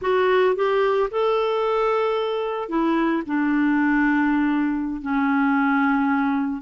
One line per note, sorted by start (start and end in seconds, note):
0.01 0.55 F#4
0.55 1.09 G4
1.10 2.68 A4
2.68 3.22 E4
3.26 5.01 D4
5.01 6.61 C#4